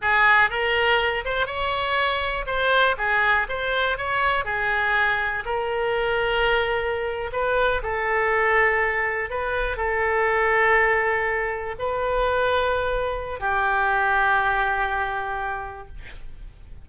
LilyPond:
\new Staff \with { instrumentName = "oboe" } { \time 4/4 \tempo 4 = 121 gis'4 ais'4. c''8 cis''4~ | cis''4 c''4 gis'4 c''4 | cis''4 gis'2 ais'4~ | ais'2~ ais'8. b'4 a'16~ |
a'2~ a'8. b'4 a'16~ | a'2.~ a'8. b'16~ | b'2. g'4~ | g'1 | }